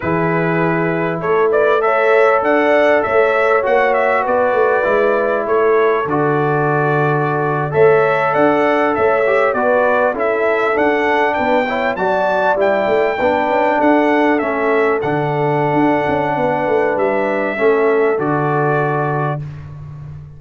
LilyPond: <<
  \new Staff \with { instrumentName = "trumpet" } { \time 4/4 \tempo 4 = 99 b'2 cis''8 d''8 e''4 | fis''4 e''4 fis''8 e''8 d''4~ | d''4 cis''4 d''2~ | d''8. e''4 fis''4 e''4 d''16~ |
d''8. e''4 fis''4 g''4 a''16~ | a''8. g''2 fis''4 e''16~ | e''8. fis''2.~ fis''16 | e''2 d''2 | }
  \new Staff \with { instrumentName = "horn" } { \time 4/4 gis'2 a'8 b'8 cis''4 | d''4 cis''2 b'4~ | b'4 a'2.~ | a'8. cis''4 d''4 cis''4 b'16~ |
b'8. a'2 b'8 cis''8 d''16~ | d''4.~ d''16 b'4 a'4~ a'16~ | a'2. b'4~ | b'4 a'2. | }
  \new Staff \with { instrumentName = "trombone" } { \time 4/4 e'2. a'4~ | a'2 fis'2 | e'2 fis'2~ | fis'8. a'2~ a'8 g'8 fis'16~ |
fis'8. e'4 d'4. e'8 fis'16~ | fis'8. e'4 d'2 cis'16~ | cis'8. d'2.~ d'16~ | d'4 cis'4 fis'2 | }
  \new Staff \with { instrumentName = "tuba" } { \time 4/4 e2 a2 | d'4 a4 ais4 b8 a8 | gis4 a4 d2~ | d8. a4 d'4 a4 b16~ |
b8. cis'4 d'4 b4 fis16~ | fis8. g8 a8 b8 cis'8 d'4 a16~ | a8. d4~ d16 d'8 cis'8 b8 a8 | g4 a4 d2 | }
>>